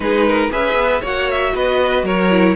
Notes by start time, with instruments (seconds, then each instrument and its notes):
0.00 cello G#3, viola D#4, violin G#4 B4
0.27 violin A#4
0.51 cello C#4, viola G#4, violin B4 E5
0.74 cello B3
1.01 cello A#3, viola F#4, violin C#5 F#5
1.30 violin E5
1.54 cello B3, violin B4 D#5
2.03 cello F#3, violin A#4 C#5
2.30 viola E4